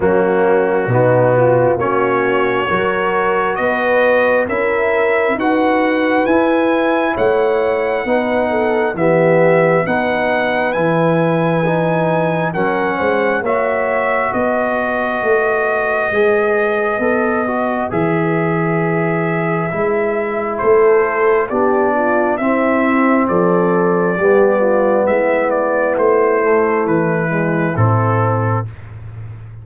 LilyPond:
<<
  \new Staff \with { instrumentName = "trumpet" } { \time 4/4 \tempo 4 = 67 fis'2 cis''2 | dis''4 e''4 fis''4 gis''4 | fis''2 e''4 fis''4 | gis''2 fis''4 e''4 |
dis''1 | e''2. c''4 | d''4 e''4 d''2 | e''8 d''8 c''4 b'4 a'4 | }
  \new Staff \with { instrumentName = "horn" } { \time 4/4 cis'4 dis'8 f'8 fis'4 ais'4 | b'4 ais'4 b'2 | cis''4 b'8 a'8 g'4 b'4~ | b'2 ais'8 c''8 cis''4 |
b'1~ | b'2. a'4 | g'8 f'8 e'4 a'4 g'8 f'8 | e'1 | }
  \new Staff \with { instrumentName = "trombone" } { \time 4/4 ais4 b4 cis'4 fis'4~ | fis'4 e'4 fis'4 e'4~ | e'4 dis'4 b4 dis'4 | e'4 dis'4 cis'4 fis'4~ |
fis'2 gis'4 a'8 fis'8 | gis'2 e'2 | d'4 c'2 b4~ | b4. a4 gis8 c'4 | }
  \new Staff \with { instrumentName = "tuba" } { \time 4/4 fis4 b,4 ais4 fis4 | b4 cis'4 dis'4 e'4 | a4 b4 e4 b4 | e2 fis8 gis8 ais4 |
b4 a4 gis4 b4 | e2 gis4 a4 | b4 c'4 f4 g4 | gis4 a4 e4 a,4 | }
>>